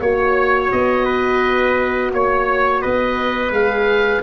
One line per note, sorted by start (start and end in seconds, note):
0.00 0.71 A#3
0.00 3.53 F#4
0.00 1.05 C#5
0.00 0.71 C#5
0.71 2.13 B3
0.71 2.13 D#5
1.05 2.11 B4
2.13 2.84 A#3
2.13 2.82 C#5
2.82 3.51 B3
2.82 4.23 B4
2.82 3.52 D#5
3.51 4.21 G#3
3.51 4.23 G#4
3.51 4.23 F5